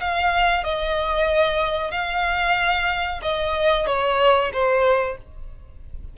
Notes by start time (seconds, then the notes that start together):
0.00 F5
0.64 D#5
1.91 F5
3.22 D#5
3.87 C#5
4.53 C5